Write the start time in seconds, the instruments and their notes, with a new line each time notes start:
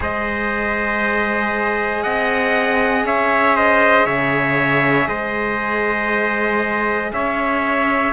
0.00 cello G#3 G#4, trumpet C5 D#5
2.02 cello C4, trumpet D#5 F#5
3.03 cello C#4, trumpet C#5 E5
3.56 trumpet C5 D#5
4.05 cello C#3, trumpet C#5 E5
5.08 cello G#3, trumpet C5 D#5
7.12 cello C#4, trumpet C#5 E5